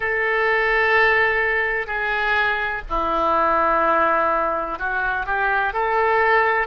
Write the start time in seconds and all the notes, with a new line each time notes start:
0.00 A4
1.87 G#4
2.89 E4
4.79 F#4
5.26 G4
5.73 A4